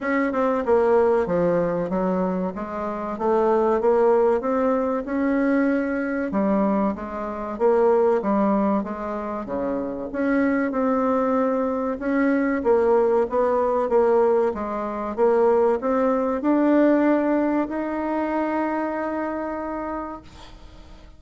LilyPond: \new Staff \with { instrumentName = "bassoon" } { \time 4/4 \tempo 4 = 95 cis'8 c'8 ais4 f4 fis4 | gis4 a4 ais4 c'4 | cis'2 g4 gis4 | ais4 g4 gis4 cis4 |
cis'4 c'2 cis'4 | ais4 b4 ais4 gis4 | ais4 c'4 d'2 | dis'1 | }